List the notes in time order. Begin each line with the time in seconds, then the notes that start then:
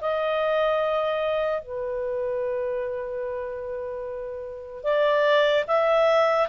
0.00 D#5
1.61 B4
4.83 D5
5.67 E5